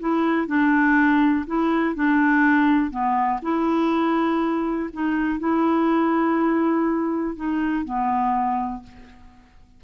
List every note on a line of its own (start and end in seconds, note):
0.00 0.47 E4
0.47 1.45 D4
1.47 1.95 E4
1.95 2.91 D4
2.91 3.40 B3
3.42 4.90 E4
4.93 5.39 D#4
5.39 7.36 E4
7.36 7.85 D#4
7.85 8.83 B3